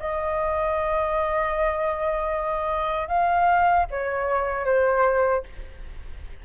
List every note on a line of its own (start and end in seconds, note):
0.00 3.09 D#5
3.09 3.86 F5
3.91 4.66 C#5
4.66 5.44 C5